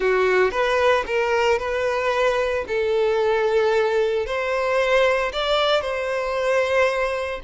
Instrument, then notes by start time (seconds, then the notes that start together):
violin
0.00 F#4
0.51 B4
1.06 A#4
1.58 B4
2.67 A4
4.26 C5
5.32 D5
5.81 C5